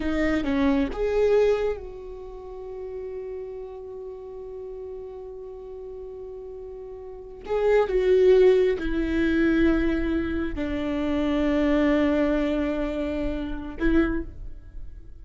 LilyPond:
\new Staff \with { instrumentName = "viola" } { \time 4/4 \tempo 4 = 135 dis'4 cis'4 gis'2 | fis'1~ | fis'1~ | fis'1~ |
fis'8. gis'4 fis'2 e'16~ | e'2.~ e'8. d'16~ | d'1~ | d'2. e'4 | }